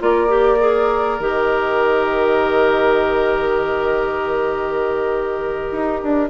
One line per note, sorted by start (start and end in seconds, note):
0.00 1.20 A#3
0.00 0.28 F4
0.00 6.30 A#4
0.00 1.21 D5
0.28 0.58 G4
0.60 1.20 G#4
1.20 5.70 D#3
1.20 6.30 G4
1.20 6.30 D#5
5.72 6.02 D#4
6.03 6.30 D4